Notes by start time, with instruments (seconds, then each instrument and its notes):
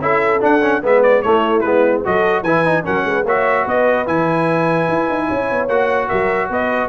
0.00 tuba C#4, trombone E4, horn A4, trumpet E5
0.41 trombone D4, tuba D4, trumpet F#5
0.62 trombone C#4
0.83 tuba G#3, trombone B3, horn B4, trumpet E5
1.03 trumpet D5
1.22 trombone A3, tuba A3, horn E4, trumpet C#5
1.60 tuba G#3, trombone B3, trumpet B4
2.05 tuba F#3, trombone F#4, horn A4, trumpet D#5
2.43 tuba E3, trombone E4, horn B4, trumpet G#5
2.65 trombone D#4
2.84 tuba F#3, trombone C#4, horn A#4, trumpet F#5
3.05 tuba G#3, horn B4
3.24 tuba A#3, trombone F#4, horn C#5, trumpet E5
3.64 tuba B3, horn B4, trumpet D#5
4.07 tuba E3, trombone E4, trumpet G#5
4.89 tuba E4
5.10 tuba D#4
5.27 tuba C#4, horn C#5
5.51 tuba B3
5.68 tuba A#3, trombone F#4, trumpet F#5
6.08 tuba F#3, horn A#4, trumpet E5
6.50 tuba B3, horn B4, trumpet D#5